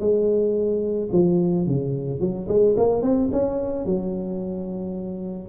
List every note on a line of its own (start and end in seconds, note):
0.00 1.09 G#3
1.13 1.67 F3
1.67 2.20 C#3
2.20 2.48 F#3
2.48 2.76 G#3
2.77 3.03 A#3
3.03 3.30 C4
3.32 3.86 C#4
3.86 5.49 F#3